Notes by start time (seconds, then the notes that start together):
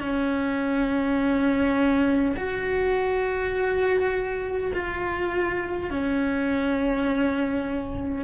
0.00 C#4
2.36 F#4
4.74 F4
5.90 C#4